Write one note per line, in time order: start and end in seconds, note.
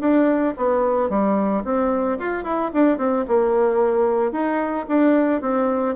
0.00 0.54 D4
0.57 1.09 B3
1.09 1.63 G3
1.64 2.18 C4
2.19 2.43 F4
2.43 2.70 E4
2.73 2.97 D4
2.97 3.24 C4
3.28 4.31 A#3
4.31 4.85 D#4
4.88 5.41 D4
5.41 5.95 C4